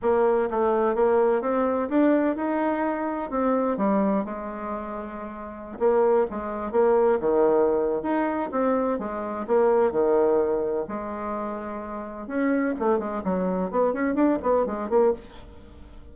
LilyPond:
\new Staff \with { instrumentName = "bassoon" } { \time 4/4 \tempo 4 = 127 ais4 a4 ais4 c'4 | d'4 dis'2 c'4 | g4 gis2.~ | gis16 ais4 gis4 ais4 dis8.~ |
dis4 dis'4 c'4 gis4 | ais4 dis2 gis4~ | gis2 cis'4 a8 gis8 | fis4 b8 cis'8 d'8 b8 gis8 ais8 | }